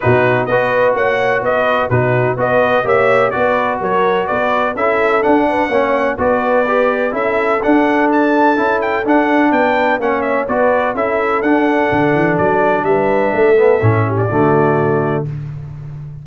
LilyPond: <<
  \new Staff \with { instrumentName = "trumpet" } { \time 4/4 \tempo 4 = 126 b'4 dis''4 fis''4 dis''4 | b'4 dis''4 e''4 d''4 | cis''4 d''4 e''4 fis''4~ | fis''4 d''2 e''4 |
fis''4 a''4. g''8 fis''4 | g''4 fis''8 e''8 d''4 e''4 | fis''2 d''4 e''4~ | e''4.~ e''16 d''2~ d''16 | }
  \new Staff \with { instrumentName = "horn" } { \time 4/4 fis'4 b'4 cis''4 b'4 | fis'4 b'4 cis''4 b'4 | ais'4 b'4 a'4. b'8 | cis''4 b'2 a'4~ |
a'1 | b'4 cis''4 b'4 a'4~ | a'2. b'4 | a'4. g'8 fis'2 | }
  \new Staff \with { instrumentName = "trombone" } { \time 4/4 dis'4 fis'2. | dis'4 fis'4 g'4 fis'4~ | fis'2 e'4 d'4 | cis'4 fis'4 g'4 e'4 |
d'2 e'4 d'4~ | d'4 cis'4 fis'4 e'4 | d'1~ | d'8 b8 cis'4 a2 | }
  \new Staff \with { instrumentName = "tuba" } { \time 4/4 b,4 b4 ais4 b4 | b,4 b4 ais4 b4 | fis4 b4 cis'4 d'4 | ais4 b2 cis'4 |
d'2 cis'4 d'4 | b4 ais4 b4 cis'4 | d'4 d8 e8 fis4 g4 | a4 a,4 d2 | }
>>